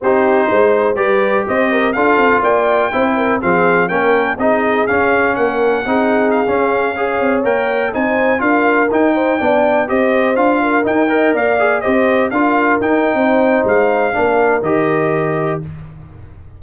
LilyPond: <<
  \new Staff \with { instrumentName = "trumpet" } { \time 4/4 \tempo 4 = 123 c''2 d''4 dis''4 | f''4 g''2 f''4 | g''4 dis''4 f''4 fis''4~ | fis''4 f''2~ f''16 g''8.~ |
g''16 gis''4 f''4 g''4.~ g''16~ | g''16 dis''4 f''4 g''4 f''8.~ | f''16 dis''4 f''4 g''4.~ g''16 | f''2 dis''2 | }
  \new Staff \with { instrumentName = "horn" } { \time 4/4 g'4 c''4 b'4 c''8 ais'8 | a'4 d''4 c''8 ais'8 gis'4 | ais'4 gis'2 ais'4 | gis'2~ gis'16 cis''4.~ cis''16~ |
cis''16 c''4 ais'4. c''8 d''8.~ | d''16 c''4. ais'4 dis''8 d''8.~ | d''16 c''4 ais'4.~ ais'16 c''4~ | c''4 ais'2. | }
  \new Staff \with { instrumentName = "trombone" } { \time 4/4 dis'2 g'2 | f'2 e'4 c'4 | cis'4 dis'4 cis'2 | dis'4~ dis'16 cis'4 gis'4 ais'8.~ |
ais'16 dis'4 f'4 dis'4 d'8.~ | d'16 g'4 f'4 dis'8 ais'4 gis'16~ | gis'16 g'4 f'4 dis'4.~ dis'16~ | dis'4 d'4 g'2 | }
  \new Staff \with { instrumentName = "tuba" } { \time 4/4 c'4 gis4 g4 c'4 | d'8 c'8 ais4 c'4 f4 | ais4 c'4 cis'4 ais4 | c'4~ c'16 cis'4. c'8 ais8.~ |
ais16 c'4 d'4 dis'4 b8.~ | b16 c'4 d'4 dis'4 ais8.~ | ais16 c'4 d'4 dis'8. c'4 | gis4 ais4 dis2 | }
>>